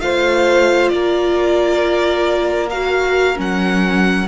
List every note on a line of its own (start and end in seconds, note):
0.00 0.90 A3
0.00 2.69 F4
0.00 0.93 C5
0.00 0.88 F5
0.88 3.38 A#3
0.88 4.28 A#4
0.88 2.67 D5
2.70 3.35 F#4
2.70 3.37 F5
3.35 4.27 F#3
3.35 4.25 C#4
3.35 4.28 F#5